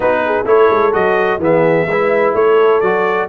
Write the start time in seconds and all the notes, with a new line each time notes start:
0.00 B3 D#4 F#4 B4
0.25 G#4
0.45 A3 E4 A4 C#5
0.70 G#3
0.92 F#3 F#4 D#5
1.38 E3 B3 G#4 E5
1.87 G#3 E4 B4
2.34 A3 A4 C#5
2.80 F#3 F#4 D5